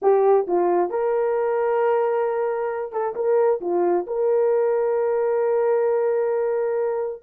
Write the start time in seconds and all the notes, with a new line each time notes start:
0.01 G4
0.47 F4
0.90 A#4
2.92 A4
3.15 A#4
3.60 F4
4.06 A#4